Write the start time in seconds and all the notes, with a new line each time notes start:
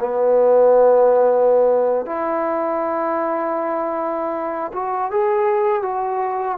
0.00 B3
2.06 E4
4.73 F#4
5.11 G#4
5.82 F#4